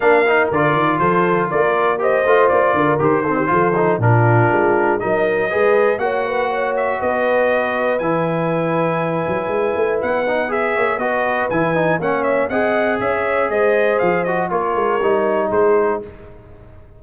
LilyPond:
<<
  \new Staff \with { instrumentName = "trumpet" } { \time 4/4 \tempo 4 = 120 f''4 d''4 c''4 d''4 | dis''4 d''4 c''2 | ais'2 dis''2 | fis''4. e''8 dis''2 |
gis''1 | fis''4 e''4 dis''4 gis''4 | fis''8 e''8 fis''4 e''4 dis''4 | f''8 dis''8 cis''2 c''4 | }
  \new Staff \with { instrumentName = "horn" } { \time 4/4 ais'2 a'4 ais'4 | c''4. ais'4 a'16 g'16 a'4 | f'2 ais'4 b'4 | cis''8 b'8 cis''4 b'2~ |
b'1~ | b'4. cis''8 b'2 | cis''4 dis''4 cis''4 c''4~ | c''4 ais'2 gis'4 | }
  \new Staff \with { instrumentName = "trombone" } { \time 4/4 d'8 dis'8 f'2. | g'8 f'4. g'8 c'8 f'8 dis'8 | d'2 dis'4 gis'4 | fis'1 |
e'1~ | e'8 dis'8 gis'4 fis'4 e'8 dis'8 | cis'4 gis'2.~ | gis'8 fis'8 f'4 dis'2 | }
  \new Staff \with { instrumentName = "tuba" } { \time 4/4 ais4 d8 dis8 f4 ais4~ | ais8 a8 ais8 d8 dis4 f4 | ais,4 gis4 fis4 gis4 | ais2 b2 |
e2~ e8 fis8 gis8 a8 | b4. ais8 b4 e4 | ais4 c'4 cis'4 gis4 | f4 ais8 gis8 g4 gis4 | }
>>